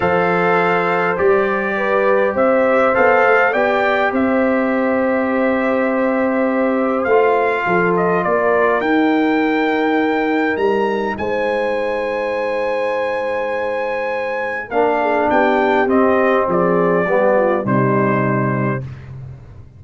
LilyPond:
<<
  \new Staff \with { instrumentName = "trumpet" } { \time 4/4 \tempo 4 = 102 f''2 d''2 | e''4 f''4 g''4 e''4~ | e''1 | f''4. dis''8 d''4 g''4~ |
g''2 ais''4 gis''4~ | gis''1~ | gis''4 f''4 g''4 dis''4 | d''2 c''2 | }
  \new Staff \with { instrumentName = "horn" } { \time 4/4 c''2. b'4 | c''2 d''4 c''4~ | c''1~ | c''4 a'4 ais'2~ |
ais'2. c''4~ | c''1~ | c''4 ais'8 gis'8 g'2 | gis'4 g'8 f'8 dis'2 | }
  \new Staff \with { instrumentName = "trombone" } { \time 4/4 a'2 g'2~ | g'4 a'4 g'2~ | g'1 | f'2. dis'4~ |
dis'1~ | dis'1~ | dis'4 d'2 c'4~ | c'4 b4 g2 | }
  \new Staff \with { instrumentName = "tuba" } { \time 4/4 f2 g2 | c'4 b8 a8 b4 c'4~ | c'1 | a4 f4 ais4 dis'4~ |
dis'2 g4 gis4~ | gis1~ | gis4 ais4 b4 c'4 | f4 g4 c2 | }
>>